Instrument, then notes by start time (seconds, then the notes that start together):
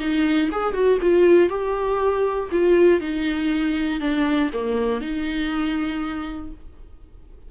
viola
0.00 D#4
0.52 G#4
0.74 F#4
1.02 F4
1.50 G4
2.52 F4
3.01 D#4
4.01 D4
4.53 A#3
5.01 D#4